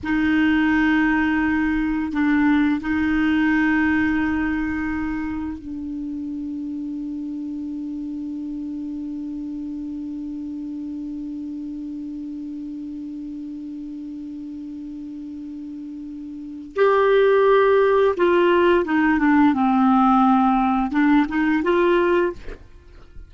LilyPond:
\new Staff \with { instrumentName = "clarinet" } { \time 4/4 \tempo 4 = 86 dis'2. d'4 | dis'1 | d'1~ | d'1~ |
d'1~ | d'1 | g'2 f'4 dis'8 d'8 | c'2 d'8 dis'8 f'4 | }